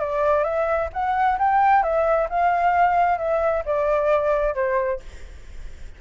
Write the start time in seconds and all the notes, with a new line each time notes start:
0.00 D5
0.44 E5
0.94 F#5
1.39 G5
1.83 E5
2.30 F5
3.19 E5
3.66 D5
4.55 C5